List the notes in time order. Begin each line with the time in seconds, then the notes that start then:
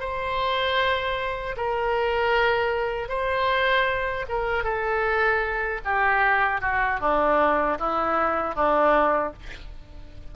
0.00 C5
1.57 A#4
3.09 C5
4.29 A#4
4.64 A4
5.85 G4
6.61 F#4
7.00 D4
7.79 E4
8.55 D4